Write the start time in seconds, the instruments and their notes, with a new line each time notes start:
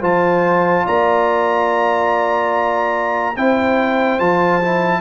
0.00 tuba F3, trombone F4, horn C5, trumpet A5
0.85 tuba A#3, horn D5, trumpet A#5
3.36 tuba C4, trombone E4, horn C5, trumpet G5
4.19 tuba F3, trombone F4, trumpet A5
4.61 trombone E4